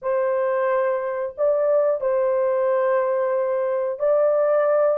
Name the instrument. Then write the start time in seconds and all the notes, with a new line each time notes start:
horn
0.02 C5
1.37 D5
2.00 C5
3.99 D5